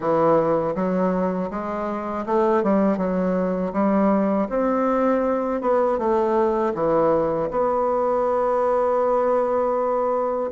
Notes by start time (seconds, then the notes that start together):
0.00 E3
0.75 F#3
1.50 G#3
2.26 A3
2.63 G3
2.97 F#3
3.73 G3
4.49 C4
5.61 B3
5.98 A3
6.74 E3
7.50 B3